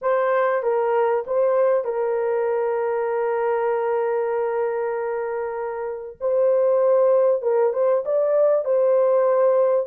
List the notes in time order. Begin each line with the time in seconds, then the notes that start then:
0.01 C5
0.62 A#4
1.26 C5
1.84 A#4
6.20 C5
7.42 A#4
7.73 C5
8.05 D5
8.64 C5